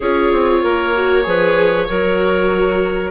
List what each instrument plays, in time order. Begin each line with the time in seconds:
0.00 bassoon C#4, viola F4, clarinet G#4, oboe C#5
0.32 bassoon C4
0.62 bassoon A#3, clarinet A#4
0.95 viola F#4
1.23 bassoon F3, viola G#4, clarinet B4
1.88 bassoon F#3, viola F#4, clarinet A#4